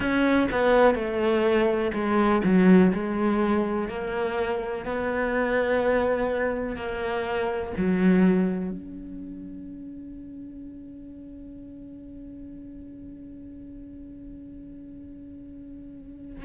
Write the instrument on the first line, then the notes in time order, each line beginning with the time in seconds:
cello
0.00 C#4
0.51 B3
0.95 A3
1.93 G#3
2.44 F#3
2.93 G#3
3.88 A#3
4.85 B3
6.76 A#3
7.77 F#3
8.71 C#4